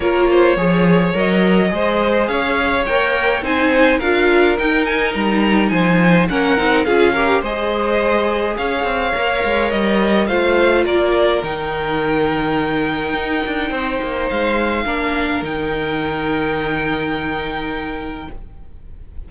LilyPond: <<
  \new Staff \with { instrumentName = "violin" } { \time 4/4 \tempo 4 = 105 cis''2 dis''2 | f''4 g''4 gis''4 f''4 | g''8 gis''8 ais''4 gis''4 fis''4 | f''4 dis''2 f''4~ |
f''4 dis''4 f''4 d''4 | g''1~ | g''4 f''2 g''4~ | g''1 | }
  \new Staff \with { instrumentName = "violin" } { \time 4/4 ais'8 c''8 cis''2 c''4 | cis''2 c''4 ais'4~ | ais'2 c''4 ais'4 | gis'8 ais'8 c''2 cis''4~ |
cis''2 c''4 ais'4~ | ais'1 | c''2 ais'2~ | ais'1 | }
  \new Staff \with { instrumentName = "viola" } { \time 4/4 f'4 gis'4 ais'4 gis'4~ | gis'4 ais'4 dis'4 f'4 | dis'2. cis'8 dis'8 | f'8 g'8 gis'2. |
ais'2 f'2 | dis'1~ | dis'2 d'4 dis'4~ | dis'1 | }
  \new Staff \with { instrumentName = "cello" } { \time 4/4 ais4 f4 fis4 gis4 | cis'4 ais4 c'4 d'4 | dis'4 g4 f4 ais8 c'8 | cis'4 gis2 cis'8 c'8 |
ais8 gis8 g4 a4 ais4 | dis2. dis'8 d'8 | c'8 ais8 gis4 ais4 dis4~ | dis1 | }
>>